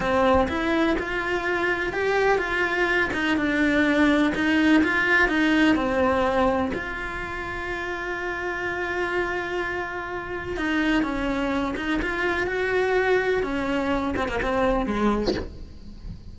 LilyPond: \new Staff \with { instrumentName = "cello" } { \time 4/4 \tempo 4 = 125 c'4 e'4 f'2 | g'4 f'4. dis'8 d'4~ | d'4 dis'4 f'4 dis'4 | c'2 f'2~ |
f'1~ | f'2 dis'4 cis'4~ | cis'8 dis'8 f'4 fis'2 | cis'4. c'16 ais16 c'4 gis4 | }